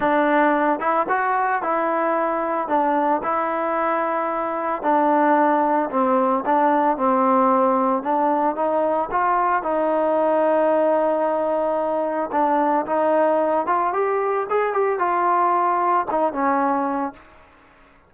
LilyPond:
\new Staff \with { instrumentName = "trombone" } { \time 4/4 \tempo 4 = 112 d'4. e'8 fis'4 e'4~ | e'4 d'4 e'2~ | e'4 d'2 c'4 | d'4 c'2 d'4 |
dis'4 f'4 dis'2~ | dis'2. d'4 | dis'4. f'8 g'4 gis'8 g'8 | f'2 dis'8 cis'4. | }